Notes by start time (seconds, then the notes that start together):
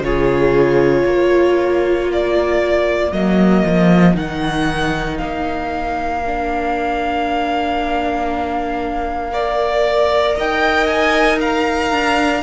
0.00 C#3 F4 G#4 C#5
1.05 A#3 A#4
2.12 D5
3.12 F#3 A#3 D#5
3.65 F3
4.14 D#3 D#4 F#5
5.17 A#3 F5
6.26 D4
9.31 A#4 D5
10.36 D#4 D#5 G5
10.87 G#5
11.40 F5 A#5
11.91 D4